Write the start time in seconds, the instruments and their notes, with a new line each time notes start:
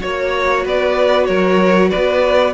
0.00 cello A#3, viola F#4, violin C#5
0.64 cello B3, violin B4 D5
1.25 cello F#3, violin A#4 C#5
1.90 cello B3, violin B4 D5